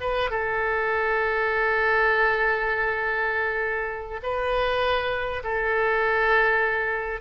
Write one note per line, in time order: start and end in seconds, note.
0.00 0.30 B4
0.30 4.20 A4
4.22 5.42 B4
5.43 7.20 A4